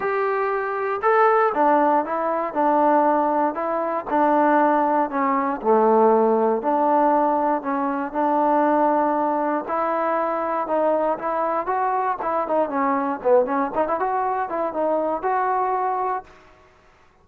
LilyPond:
\new Staff \with { instrumentName = "trombone" } { \time 4/4 \tempo 4 = 118 g'2 a'4 d'4 | e'4 d'2 e'4 | d'2 cis'4 a4~ | a4 d'2 cis'4 |
d'2. e'4~ | e'4 dis'4 e'4 fis'4 | e'8 dis'8 cis'4 b8 cis'8 dis'16 e'16 fis'8~ | fis'8 e'8 dis'4 fis'2 | }